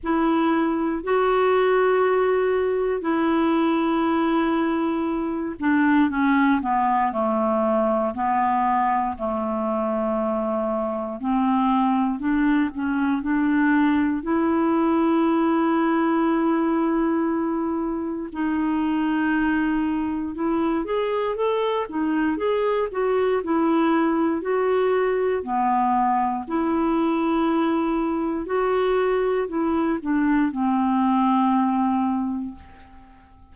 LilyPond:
\new Staff \with { instrumentName = "clarinet" } { \time 4/4 \tempo 4 = 59 e'4 fis'2 e'4~ | e'4. d'8 cis'8 b8 a4 | b4 a2 c'4 | d'8 cis'8 d'4 e'2~ |
e'2 dis'2 | e'8 gis'8 a'8 dis'8 gis'8 fis'8 e'4 | fis'4 b4 e'2 | fis'4 e'8 d'8 c'2 | }